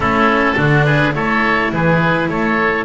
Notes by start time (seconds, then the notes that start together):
0.00 A3 C#4 E4 A4
0.56 D3 D4 F#4
0.84 G#4 B4
1.12 A3 E4 A4 C#5
1.72 E3 G#4 B4
2.28 A3 A4 C#5